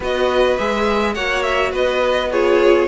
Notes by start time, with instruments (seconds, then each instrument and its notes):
0.00 cello B3, viola F#4, violin B4 D#5
0.57 cello G#3, viola G#4, violin E5
1.14 cello A#3, viola F#4, violin C#5 F#5
1.42 violin E5
1.71 cello B3, violin B4 D#5
2.31 viola F4, violin G#4 C#5